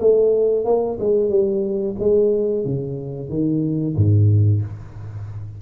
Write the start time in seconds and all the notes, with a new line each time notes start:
0.00 A3
0.65 A#3
1.00 G#3
1.30 G3
1.99 G#3
2.65 C#3
3.29 D#3
3.96 G#2